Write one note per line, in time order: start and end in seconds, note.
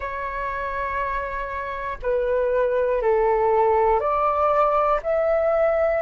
0.00 1.98 C#5
2.02 3.01 B4
3.01 4.00 A4
4.00 5.00 D5
5.02 6.02 E5